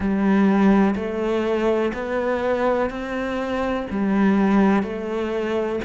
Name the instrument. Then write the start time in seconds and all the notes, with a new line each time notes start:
cello
0.00 G3
0.95 A3
1.94 B3
2.90 C4
3.90 G3
4.82 A3